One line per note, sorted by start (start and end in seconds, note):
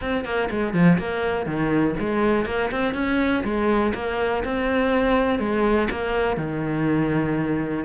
0.01 0.24 C4
0.24 0.49 A#3
0.50 0.73 G#3
0.73 0.98 F3
0.98 1.46 A#3
1.46 1.95 D#3
1.99 2.45 G#3
2.45 2.70 A#3
2.71 2.94 C4
2.94 3.43 C#4
3.43 3.93 G#3
3.94 4.43 A#3
4.44 5.39 C4
5.39 5.88 G#3
5.91 6.36 A#3
6.36 7.84 D#3